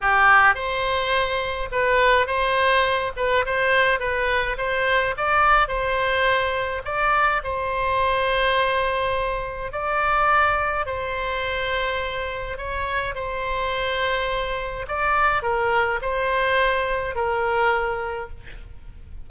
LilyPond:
\new Staff \with { instrumentName = "oboe" } { \time 4/4 \tempo 4 = 105 g'4 c''2 b'4 | c''4. b'8 c''4 b'4 | c''4 d''4 c''2 | d''4 c''2.~ |
c''4 d''2 c''4~ | c''2 cis''4 c''4~ | c''2 d''4 ais'4 | c''2 ais'2 | }